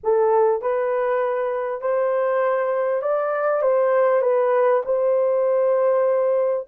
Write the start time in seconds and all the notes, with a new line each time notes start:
0.03 A4
0.61 B4
1.81 C5
3.02 D5
3.62 C5
4.21 B4
4.85 C5